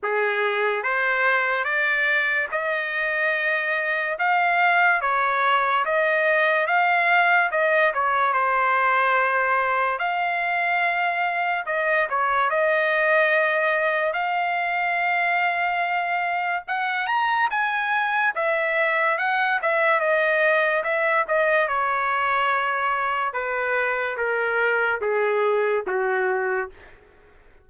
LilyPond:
\new Staff \with { instrumentName = "trumpet" } { \time 4/4 \tempo 4 = 72 gis'4 c''4 d''4 dis''4~ | dis''4 f''4 cis''4 dis''4 | f''4 dis''8 cis''8 c''2 | f''2 dis''8 cis''8 dis''4~ |
dis''4 f''2. | fis''8 ais''8 gis''4 e''4 fis''8 e''8 | dis''4 e''8 dis''8 cis''2 | b'4 ais'4 gis'4 fis'4 | }